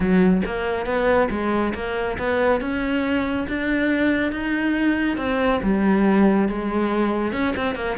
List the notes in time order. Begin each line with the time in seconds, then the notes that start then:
0.00 F#3
0.45 A#3
0.85 B3
1.30 G#3
1.74 A#3
2.18 B3
2.60 C#4
3.48 D4
4.32 D#4
5.17 C4
5.62 G3
6.48 G#3
7.32 C#4
7.56 C4
7.75 A#3